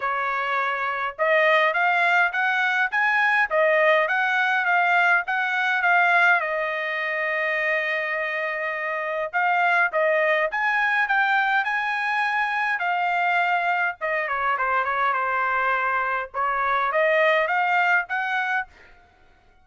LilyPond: \new Staff \with { instrumentName = "trumpet" } { \time 4/4 \tempo 4 = 103 cis''2 dis''4 f''4 | fis''4 gis''4 dis''4 fis''4 | f''4 fis''4 f''4 dis''4~ | dis''1 |
f''4 dis''4 gis''4 g''4 | gis''2 f''2 | dis''8 cis''8 c''8 cis''8 c''2 | cis''4 dis''4 f''4 fis''4 | }